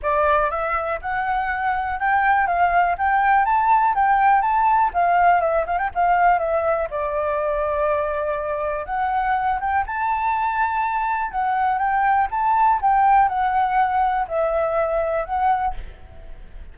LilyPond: \new Staff \with { instrumentName = "flute" } { \time 4/4 \tempo 4 = 122 d''4 e''4 fis''2 | g''4 f''4 g''4 a''4 | g''4 a''4 f''4 e''8 f''16 g''16 | f''4 e''4 d''2~ |
d''2 fis''4. g''8 | a''2. fis''4 | g''4 a''4 g''4 fis''4~ | fis''4 e''2 fis''4 | }